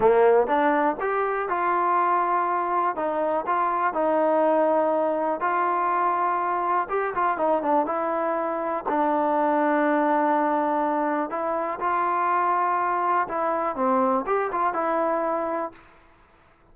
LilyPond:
\new Staff \with { instrumentName = "trombone" } { \time 4/4 \tempo 4 = 122 ais4 d'4 g'4 f'4~ | f'2 dis'4 f'4 | dis'2. f'4~ | f'2 g'8 f'8 dis'8 d'8 |
e'2 d'2~ | d'2. e'4 | f'2. e'4 | c'4 g'8 f'8 e'2 | }